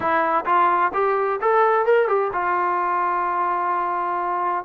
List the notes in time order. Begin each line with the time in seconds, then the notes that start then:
0.00 E4
0.45 F4
0.93 G4
1.41 A4
1.85 A#4
2.08 G4
2.33 F4